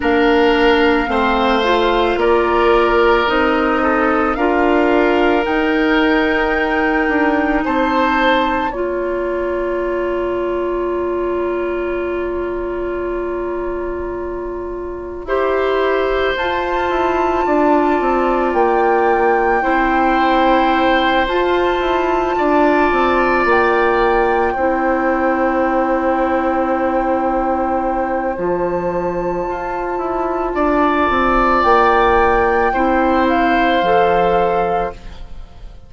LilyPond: <<
  \new Staff \with { instrumentName = "flute" } { \time 4/4 \tempo 4 = 55 f''2 d''4 dis''4 | f''4 g''2 a''4 | ais''1~ | ais''2. a''4~ |
a''4 g''2~ g''8 a''8~ | a''4. g''2~ g''8~ | g''2 a''2~ | a''4 g''4. f''4. | }
  \new Staff \with { instrumentName = "oboe" } { \time 4/4 ais'4 c''4 ais'4. a'8 | ais'2. c''4 | cis''1~ | cis''2 c''2 |
d''2 c''2~ | c''8 d''2 c''4.~ | c''1 | d''2 c''2 | }
  \new Staff \with { instrumentName = "clarinet" } { \time 4/4 d'4 c'8 f'4. dis'4 | f'4 dis'2. | f'1~ | f'2 g'4 f'4~ |
f'2 e'4. f'8~ | f'2~ f'8 e'4.~ | e'2 f'2~ | f'2 e'4 a'4 | }
  \new Staff \with { instrumentName = "bassoon" } { \time 4/4 ais4 a4 ais4 c'4 | d'4 dis'4. d'8 c'4 | ais1~ | ais2 e'4 f'8 e'8 |
d'8 c'8 ais4 c'4. f'8 | e'8 d'8 c'8 ais4 c'4.~ | c'2 f4 f'8 e'8 | d'8 c'8 ais4 c'4 f4 | }
>>